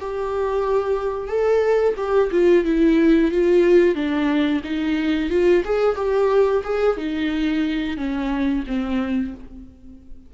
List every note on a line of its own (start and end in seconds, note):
0.00 1.28 G4
1.28 1.94 A4
1.97 2.30 G4
2.31 2.65 F4
2.65 3.31 E4
3.31 3.95 F4
3.95 4.62 D4
4.64 5.30 D#4
5.30 5.63 F4
5.64 5.96 G#4
5.96 6.62 G4
6.64 6.97 G#4
6.97 7.97 D#4
7.97 8.64 C#4
8.67 9.34 C4